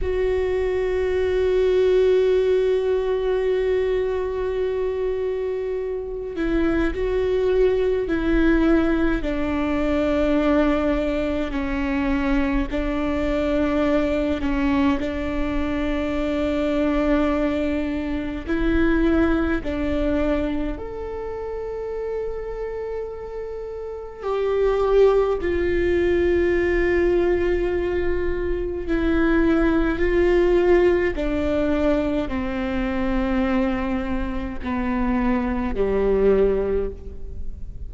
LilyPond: \new Staff \with { instrumentName = "viola" } { \time 4/4 \tempo 4 = 52 fis'1~ | fis'4. e'8 fis'4 e'4 | d'2 cis'4 d'4~ | d'8 cis'8 d'2. |
e'4 d'4 a'2~ | a'4 g'4 f'2~ | f'4 e'4 f'4 d'4 | c'2 b4 g4 | }